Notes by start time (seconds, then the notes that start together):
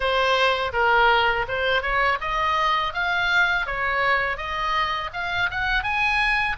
0.00 C5
0.72 A#4
1.47 C5
1.82 C#5
2.21 D#5
2.93 F5
3.66 C#5
4.37 D#5
5.13 F5
5.50 F#5
5.83 G#5